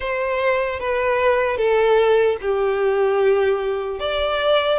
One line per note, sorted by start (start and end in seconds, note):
0.00 0.79 C5
0.79 1.57 B4
1.57 2.37 A4
2.41 3.99 G4
3.99 4.79 D5